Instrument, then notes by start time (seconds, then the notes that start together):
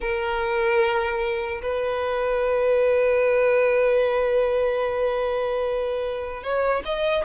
violin
0.00 A#4
1.62 B4
6.43 C#5
6.85 D#5